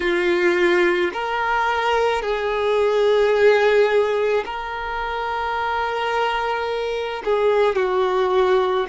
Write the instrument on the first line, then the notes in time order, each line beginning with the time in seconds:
violin
0.00 F4
1.13 A#4
2.22 G#4
4.44 A#4
7.25 G#4
7.75 F#4